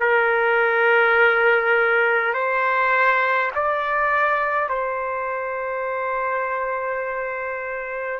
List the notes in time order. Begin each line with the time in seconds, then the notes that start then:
0.00 A#4
2.34 C5
3.55 D5
4.69 C5